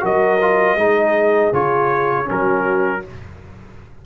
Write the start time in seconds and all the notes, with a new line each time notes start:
0.00 F#3 F#4 A#4 D#5
0.41 F4
0.75 G#3 D#4 G#4
1.52 C#3 F4 C#5
2.25 F#3 C#4 F#4 A#4